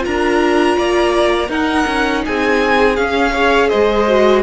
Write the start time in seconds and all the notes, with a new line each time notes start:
0.00 F4 A#4 A#5
0.07 D4
0.77 A#3 D5
1.49 D#4 A#4 F#5
1.87 C#4
2.25 C4 G#4 G#5
2.96 C#4 F5
3.32 G#4 C#5
3.69 G#3 C5 D#5
4.08 F#4